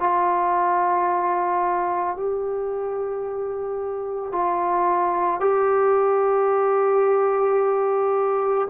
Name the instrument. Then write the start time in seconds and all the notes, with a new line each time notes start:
trombone
0.00 F4
2.17 G4
4.32 F4
5.40 G4